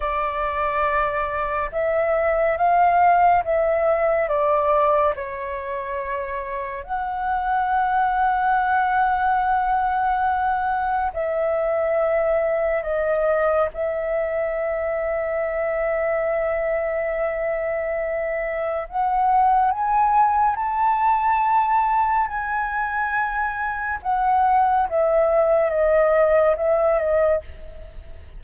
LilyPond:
\new Staff \with { instrumentName = "flute" } { \time 4/4 \tempo 4 = 70 d''2 e''4 f''4 | e''4 d''4 cis''2 | fis''1~ | fis''4 e''2 dis''4 |
e''1~ | e''2 fis''4 gis''4 | a''2 gis''2 | fis''4 e''4 dis''4 e''8 dis''8 | }